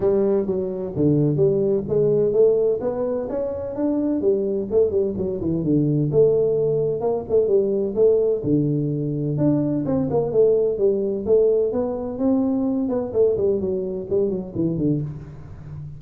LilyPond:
\new Staff \with { instrumentName = "tuba" } { \time 4/4 \tempo 4 = 128 g4 fis4 d4 g4 | gis4 a4 b4 cis'4 | d'4 g4 a8 g8 fis8 e8 | d4 a2 ais8 a8 |
g4 a4 d2 | d'4 c'8 ais8 a4 g4 | a4 b4 c'4. b8 | a8 g8 fis4 g8 fis8 e8 d8 | }